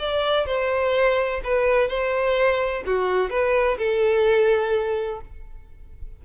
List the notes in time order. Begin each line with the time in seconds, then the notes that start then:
0.00 D5
0.47 C5
1.44 B4
1.89 C5
2.87 F#4
3.31 B4
3.78 A4